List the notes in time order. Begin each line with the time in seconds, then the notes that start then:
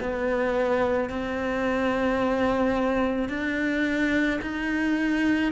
0.00 B3
1.10 C4
3.29 D4
4.42 D#4